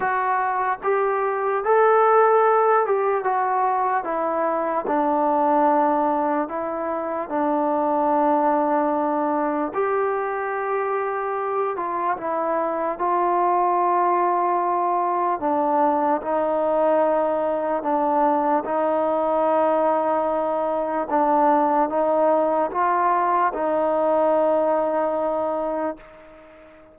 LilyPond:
\new Staff \with { instrumentName = "trombone" } { \time 4/4 \tempo 4 = 74 fis'4 g'4 a'4. g'8 | fis'4 e'4 d'2 | e'4 d'2. | g'2~ g'8 f'8 e'4 |
f'2. d'4 | dis'2 d'4 dis'4~ | dis'2 d'4 dis'4 | f'4 dis'2. | }